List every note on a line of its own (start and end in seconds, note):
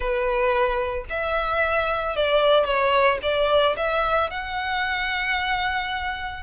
0.00 1.05 B4
1.09 2.16 E5
2.16 2.64 D5
2.64 3.18 C#5
3.22 3.75 D5
3.76 4.30 E5
4.30 6.43 F#5